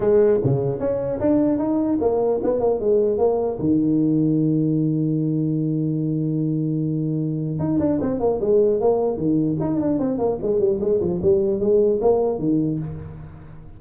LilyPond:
\new Staff \with { instrumentName = "tuba" } { \time 4/4 \tempo 4 = 150 gis4 cis4 cis'4 d'4 | dis'4 ais4 b8 ais8 gis4 | ais4 dis2.~ | dis1~ |
dis2. dis'8 d'8 | c'8 ais8 gis4 ais4 dis4 | dis'8 d'8 c'8 ais8 gis8 g8 gis8 f8 | g4 gis4 ais4 dis4 | }